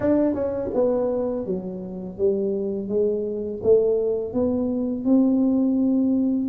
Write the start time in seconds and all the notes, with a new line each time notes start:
0.00 D4
0.34 C#4
0.74 B3
1.46 F#3
2.18 G3
2.88 G#3
3.63 A3
4.33 B3
5.04 C4